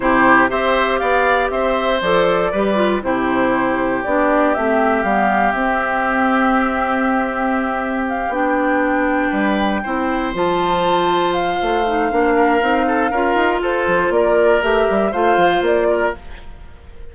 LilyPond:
<<
  \new Staff \with { instrumentName = "flute" } { \time 4/4 \tempo 4 = 119 c''4 e''4 f''4 e''4 | d''2 c''2 | d''4 e''4 f''4 e''4~ | e''1 |
f''8 g''2.~ g''8~ | g''8 a''2 f''4.~ | f''2. c''4 | d''4 e''4 f''4 d''4 | }
  \new Staff \with { instrumentName = "oboe" } { \time 4/4 g'4 c''4 d''4 c''4~ | c''4 b'4 g'2~ | g'1~ | g'1~ |
g'2~ g'8 b'4 c''8~ | c''1~ | c''8 ais'4 a'8 ais'4 a'4 | ais'2 c''4. ais'8 | }
  \new Staff \with { instrumentName = "clarinet" } { \time 4/4 e'4 g'2. | a'4 g'8 f'8 e'2 | d'4 c'4 b4 c'4~ | c'1~ |
c'8 d'2. e'8~ | e'8 f'2. dis'8 | d'4 dis'4 f'2~ | f'4 g'4 f'2 | }
  \new Staff \with { instrumentName = "bassoon" } { \time 4/4 c4 c'4 b4 c'4 | f4 g4 c2 | b4 a4 g4 c'4~ | c'1~ |
c'8 b2 g4 c'8~ | c'8 f2~ f8 a4 | ais4 c'4 cis'8 dis'8 f'8 f8 | ais4 a8 g8 a8 f8 ais4 | }
>>